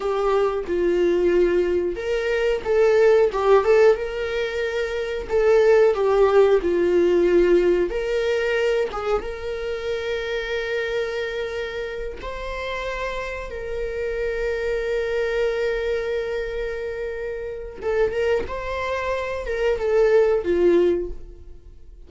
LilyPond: \new Staff \with { instrumentName = "viola" } { \time 4/4 \tempo 4 = 91 g'4 f'2 ais'4 | a'4 g'8 a'8 ais'2 | a'4 g'4 f'2 | ais'4. gis'8 ais'2~ |
ais'2~ ais'8 c''4.~ | c''8 ais'2.~ ais'8~ | ais'2. a'8 ais'8 | c''4. ais'8 a'4 f'4 | }